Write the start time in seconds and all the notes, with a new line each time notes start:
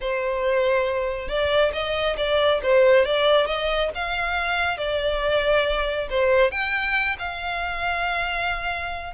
0.00 C5
1.28 D5
1.73 D#5
2.17 D5
2.62 C5
3.05 D5
3.46 D#5
3.94 F5
4.77 D5
6.10 C5
6.51 G5
7.18 F5